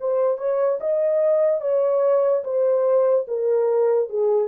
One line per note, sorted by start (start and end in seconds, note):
0.00 0.37 C5
0.37 0.78 C#5
0.80 1.61 D#5
1.61 2.43 C#5
2.44 3.26 C5
3.28 4.09 A#4
4.09 4.48 G#4